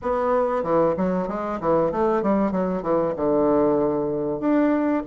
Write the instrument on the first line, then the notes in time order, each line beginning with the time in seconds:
bassoon
0.01 B3
0.63 E3
0.96 F#3
1.28 G#3
1.60 E3
1.91 A3
2.22 G3
2.51 F#3
2.82 E3
3.16 D3
4.40 D4